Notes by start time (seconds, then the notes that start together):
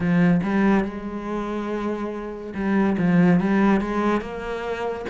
0.00 F3
0.43 G3
0.84 G#3
2.54 G3
2.98 F3
3.40 G3
3.80 G#3
4.21 A#3